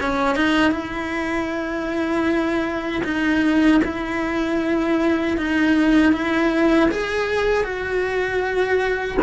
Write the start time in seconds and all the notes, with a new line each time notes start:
0.00 C#4
0.36 D#4
0.71 E4
3.04 D#4
3.84 E4
5.37 D#4
6.13 E4
6.91 G#4
7.63 F#4